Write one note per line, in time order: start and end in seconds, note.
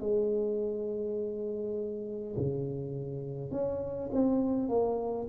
0.00 2.35 G#3
2.36 3.51 C#3
3.51 4.10 C#4
4.12 4.68 C4
4.68 5.27 A#3